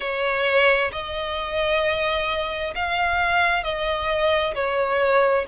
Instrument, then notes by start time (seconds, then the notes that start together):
violin
0.00 C#5
0.92 D#5
2.75 F5
3.63 D#5
4.55 C#5